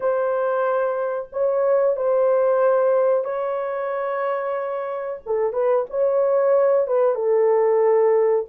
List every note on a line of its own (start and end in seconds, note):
0.00 1.29 C5
1.32 1.96 C#5
1.96 3.24 C5
3.24 5.20 C#5
5.25 5.52 A4
5.52 5.85 B4
5.90 6.87 C#5
6.87 7.14 B4
7.14 8.45 A4